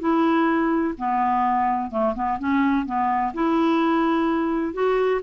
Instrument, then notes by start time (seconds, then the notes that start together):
clarinet
0.00 E4
0.98 B3
1.91 A3
2.15 B3
2.39 C#4
2.86 B3
3.34 E4
4.74 F#4